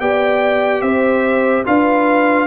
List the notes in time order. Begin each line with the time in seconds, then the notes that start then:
0.00 B3 G4 D5 G5
0.82 C4 C5 E5
1.65 D4 F4 B4 F5